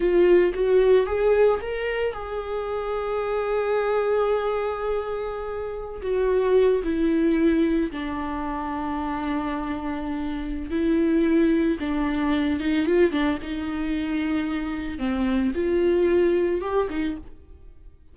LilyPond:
\new Staff \with { instrumentName = "viola" } { \time 4/4 \tempo 4 = 112 f'4 fis'4 gis'4 ais'4 | gis'1~ | gis'2.~ gis'16 fis'8.~ | fis'8. e'2 d'4~ d'16~ |
d'1 | e'2 d'4. dis'8 | f'8 d'8 dis'2. | c'4 f'2 g'8 dis'8 | }